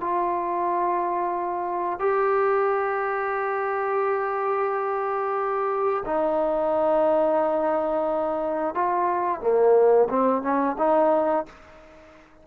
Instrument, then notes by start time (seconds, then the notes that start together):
trombone
0.00 F4
1.99 G4
6.05 D#4
8.75 F4
9.40 A#3
10.09 C4
10.42 C#4
10.78 D#4